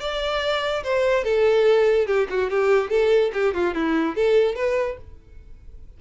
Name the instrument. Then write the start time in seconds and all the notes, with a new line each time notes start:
violin
0.00 D5
0.84 C5
1.24 A4
2.07 G4
2.30 F#4
2.50 G4
2.90 A4
3.34 G4
3.54 F4
3.74 E4
4.16 A4
4.56 B4